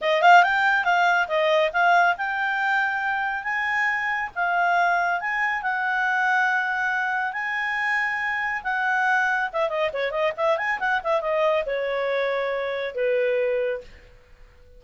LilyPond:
\new Staff \with { instrumentName = "clarinet" } { \time 4/4 \tempo 4 = 139 dis''8 f''8 g''4 f''4 dis''4 | f''4 g''2. | gis''2 f''2 | gis''4 fis''2.~ |
fis''4 gis''2. | fis''2 e''8 dis''8 cis''8 dis''8 | e''8 gis''8 fis''8 e''8 dis''4 cis''4~ | cis''2 b'2 | }